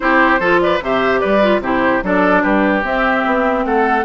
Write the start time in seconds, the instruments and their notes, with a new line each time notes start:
0.00 bassoon C4, clarinet E4, oboe G4, flute C5
0.39 bassoon F3, clarinet F4, oboe A4
0.60 oboe B4, flute D5
0.81 bassoon C3, clarinet G4, oboe C5, flute E5
1.20 bassoon G3, oboe B4, flute D5
1.41 clarinet F4
1.60 bassoon C3, clarinet E4, oboe G4, flute C5
2.03 bassoon F#3, clarinet D4, oboe A4, flute D5
2.42 bassoon G3, oboe G4, flute B4
2.83 clarinet C4, bassoon C4, flute E5
3.26 bassoon B3
3.65 bassoon A3, oboe A4, flute F#5